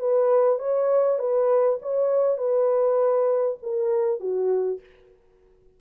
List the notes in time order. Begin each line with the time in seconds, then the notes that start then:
0.00 B4
0.59 C#5
1.19 B4
1.82 C#5
2.38 B4
3.63 A#4
4.21 F#4